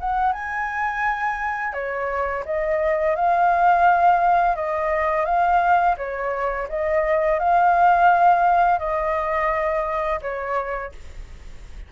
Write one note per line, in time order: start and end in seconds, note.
0.00 0.32 F#5
0.32 1.73 G#5
1.73 2.44 C#5
2.45 3.15 D#5
3.15 4.55 F5
4.55 5.25 D#5
5.25 5.95 F5
5.97 6.67 C#5
6.68 7.39 D#5
7.39 8.79 F5
8.79 10.20 D#5
10.21 10.92 C#5